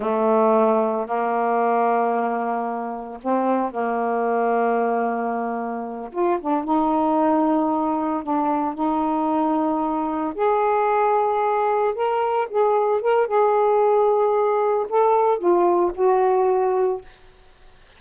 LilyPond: \new Staff \with { instrumentName = "saxophone" } { \time 4/4 \tempo 4 = 113 a2 ais2~ | ais2 c'4 ais4~ | ais2.~ ais8 f'8 | d'8 dis'2. d'8~ |
d'8 dis'2. gis'8~ | gis'2~ gis'8 ais'4 gis'8~ | gis'8 ais'8 gis'2. | a'4 f'4 fis'2 | }